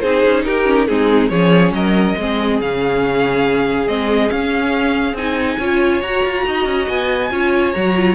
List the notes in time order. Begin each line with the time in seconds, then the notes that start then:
0.00 C4 D#4 G#4 C5
0.25 C#4
0.44 D#4 G4 A#4
0.66 C#4
0.87 G#3 C4 D#4 G#4
1.29 F3 C#4 G#4 C#5
1.72 F#3 A#4 D#5
2.18 G#3 C4 G#4
2.60 C#3 C#4 F5
3.87 G#3 C4 D#5
4.29 C#4 F5
5.14 C4 D#4 G#5
5.58 C#4 F4 C#5
6.02 F#4 A#5
6.24 F4
6.46 D#4 D#5
6.65 C#4
6.89 B3 G#5
7.30 C#4 F4 C#5
7.73 F#3 F#4 A#5
7.96 F4